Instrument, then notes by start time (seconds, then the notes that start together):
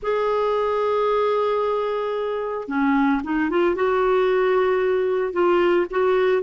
clarinet
0.02 G#4
2.68 C#4
3.23 D#4
3.50 F4
3.75 F#4
5.33 F4
5.90 F#4